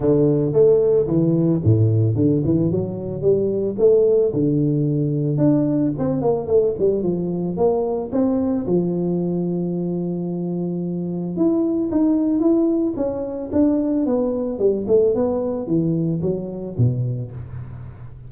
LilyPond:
\new Staff \with { instrumentName = "tuba" } { \time 4/4 \tempo 4 = 111 d4 a4 e4 a,4 | d8 e8 fis4 g4 a4 | d2 d'4 c'8 ais8 | a8 g8 f4 ais4 c'4 |
f1~ | f4 e'4 dis'4 e'4 | cis'4 d'4 b4 g8 a8 | b4 e4 fis4 b,4 | }